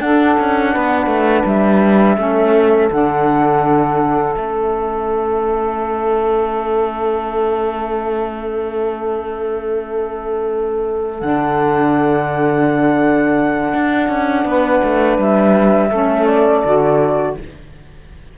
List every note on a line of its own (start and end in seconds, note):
0.00 0.36 D4
0.00 2.17 D4
0.00 0.72 A4
0.00 1.45 F#5
0.40 0.76 C#4
0.72 1.07 B3
0.72 2.17 B4
1.07 1.43 A3
1.45 2.17 G3
1.45 2.91 E5
2.17 2.90 A3
2.17 2.90 C#4
2.17 14.47 A4
2.91 4.36 D3
2.91 4.33 D4
2.91 4.34 F#5
4.33 11.22 A3
4.33 11.19 C#4
4.33 11.20 E5
11.20 13.73 D3
11.20 15.89 D4
11.20 15.18 F#5
13.73 14.09 D4
14.09 14.45 C#4
14.45 14.81 B3
14.45 15.90 B4
14.83 15.18 A3
15.18 15.91 G3
15.18 16.27 E5
15.90 16.63 A3
15.90 16.63 C#4
15.90 17.34 A4
16.27 17.35 D5
16.65 17.37 D3
16.65 17.38 F#4